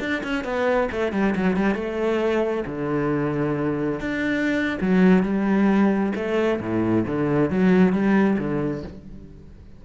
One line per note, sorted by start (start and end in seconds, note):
0.00 0.22 D4
0.24 0.45 C#4
0.45 0.89 B3
0.92 1.12 A3
1.12 1.35 G3
1.36 1.57 F#3
1.57 1.75 G3
1.75 2.64 A3
2.66 4.00 D3
4.00 4.79 D4
4.82 5.23 F#3
5.23 6.13 G3
6.16 6.60 A3
6.61 7.06 A2
7.07 7.50 D3
7.50 7.93 F#3
7.93 8.38 G3
8.39 8.83 D3